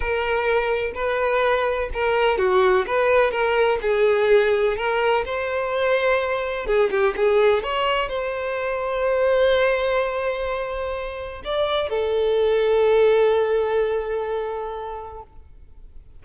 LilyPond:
\new Staff \with { instrumentName = "violin" } { \time 4/4 \tempo 4 = 126 ais'2 b'2 | ais'4 fis'4 b'4 ais'4 | gis'2 ais'4 c''4~ | c''2 gis'8 g'8 gis'4 |
cis''4 c''2.~ | c''1 | d''4 a'2.~ | a'1 | }